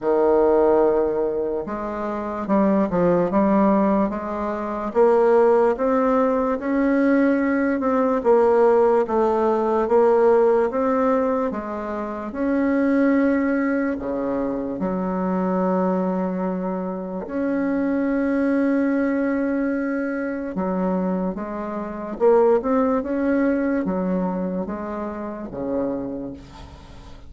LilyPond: \new Staff \with { instrumentName = "bassoon" } { \time 4/4 \tempo 4 = 73 dis2 gis4 g8 f8 | g4 gis4 ais4 c'4 | cis'4. c'8 ais4 a4 | ais4 c'4 gis4 cis'4~ |
cis'4 cis4 fis2~ | fis4 cis'2.~ | cis'4 fis4 gis4 ais8 c'8 | cis'4 fis4 gis4 cis4 | }